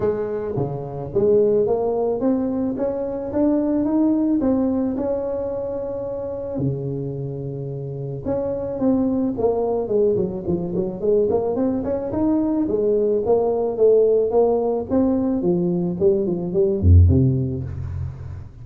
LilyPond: \new Staff \with { instrumentName = "tuba" } { \time 4/4 \tempo 4 = 109 gis4 cis4 gis4 ais4 | c'4 cis'4 d'4 dis'4 | c'4 cis'2. | cis2. cis'4 |
c'4 ais4 gis8 fis8 f8 fis8 | gis8 ais8 c'8 cis'8 dis'4 gis4 | ais4 a4 ais4 c'4 | f4 g8 f8 g8 f,8 c4 | }